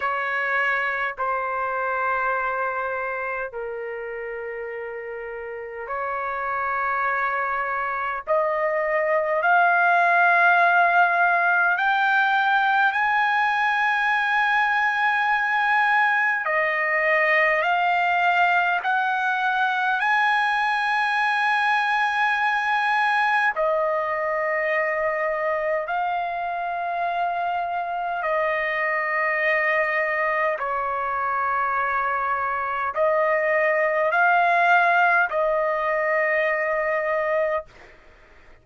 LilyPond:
\new Staff \with { instrumentName = "trumpet" } { \time 4/4 \tempo 4 = 51 cis''4 c''2 ais'4~ | ais'4 cis''2 dis''4 | f''2 g''4 gis''4~ | gis''2 dis''4 f''4 |
fis''4 gis''2. | dis''2 f''2 | dis''2 cis''2 | dis''4 f''4 dis''2 | }